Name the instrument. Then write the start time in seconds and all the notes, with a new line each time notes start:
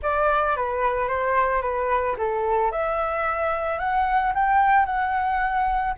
flute
0.02 D5
0.56 B4
1.08 C5
1.61 B4
2.18 A4
2.71 E5
3.78 F#5
4.34 G5
4.85 F#5